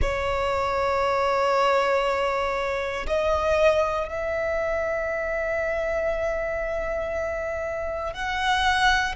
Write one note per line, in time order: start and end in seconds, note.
0.01 3.06 C#5
3.06 4.08 D#5
4.08 8.13 E5
8.13 9.15 F#5